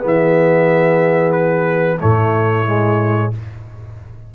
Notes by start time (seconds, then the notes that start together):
0.00 E3 B3 G#4
0.07 E5
1.32 B4
2.00 A2 A3 E4 C#5
2.66 G#3